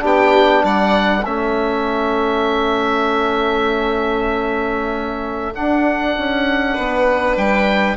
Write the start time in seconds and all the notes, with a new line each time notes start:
0.00 B3 D4 G4
0.07 G5
0.64 G3 D5 F#5
1.25 A3 C#4 A4 E5
5.54 D4 F#5
6.18 C#4
6.74 B3 B4
7.37 G3 G5